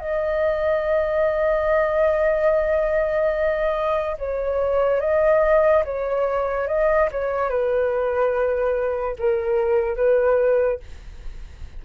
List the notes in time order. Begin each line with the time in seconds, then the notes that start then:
0.00 D#5
4.18 C#5
5.00 D#5
5.84 C#5
6.67 D#5
7.11 C#5
7.49 B4
9.19 A#4
9.97 B4